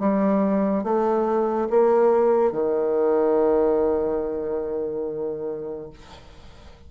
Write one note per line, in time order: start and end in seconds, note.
0.00 0.84 G3
0.84 1.68 A3
1.70 2.52 A#3
2.52 5.90 D#3